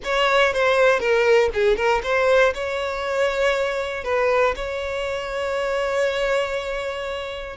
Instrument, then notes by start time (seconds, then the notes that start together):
violin
0.04 C#5
0.53 C5
0.99 A#4
1.53 G#4
1.76 A#4
2.03 C5
2.53 C#5
4.04 B4
4.55 C#5